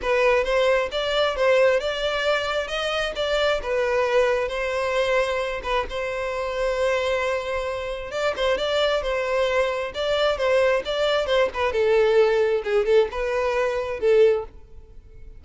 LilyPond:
\new Staff \with { instrumentName = "violin" } { \time 4/4 \tempo 4 = 133 b'4 c''4 d''4 c''4 | d''2 dis''4 d''4 | b'2 c''2~ | c''8 b'8 c''2.~ |
c''2 d''8 c''8 d''4 | c''2 d''4 c''4 | d''4 c''8 b'8 a'2 | gis'8 a'8 b'2 a'4 | }